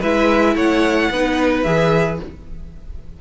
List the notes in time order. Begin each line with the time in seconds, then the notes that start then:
0.00 G#3 E4 B4 E5
0.55 A3 C#5 F#5
1.10 B3 D#4 B4
1.63 E3 G#4 E5